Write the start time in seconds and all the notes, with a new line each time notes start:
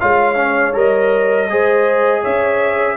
0.00 G#3 F4 C#5 F5
0.36 C#4
0.74 G3 A#4 D#5
1.50 G#3 G#4 C5
2.22 C#4 C#5 E5